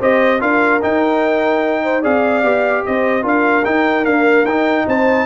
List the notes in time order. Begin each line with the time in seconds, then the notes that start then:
0.00 C4 G4 C5 D#5
0.40 D4 F4 A#4 F5
0.82 D#4 G5
1.84 C5
2.02 C4 G#4 D5 F5
2.43 B3 G4
2.86 C4 C5 D#5
3.23 D4 F4 A#4 F5
3.65 D#4 G5
4.04 A#3 D4 F5
4.45 D#4 G5
4.87 C4 C5 A5